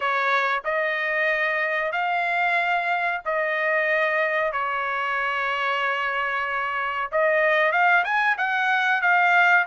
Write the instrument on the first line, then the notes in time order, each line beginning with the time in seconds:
trumpet
0.00 C#5
0.64 D#5
1.92 F5
3.25 D#5
4.52 C#5
7.11 D#5
7.72 F5
8.04 G#5
8.37 F#5
9.01 F5